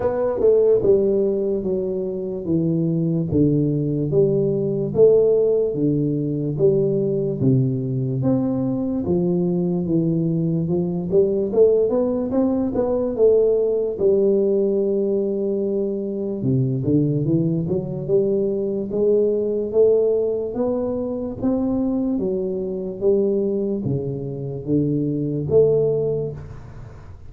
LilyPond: \new Staff \with { instrumentName = "tuba" } { \time 4/4 \tempo 4 = 73 b8 a8 g4 fis4 e4 | d4 g4 a4 d4 | g4 c4 c'4 f4 | e4 f8 g8 a8 b8 c'8 b8 |
a4 g2. | c8 d8 e8 fis8 g4 gis4 | a4 b4 c'4 fis4 | g4 cis4 d4 a4 | }